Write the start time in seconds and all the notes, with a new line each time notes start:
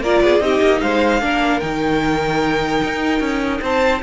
0.00 A#3 F4 A#4 D5
0.21 B3 G#4
0.40 C4 D#4 G4 D#5
0.61 A#3
0.80 G#3 C5 F5
1.21 A#3 D4 A#4
1.60 D#3 D#4 G5
2.84 D#4
3.20 C#4
3.61 C4 C5 A5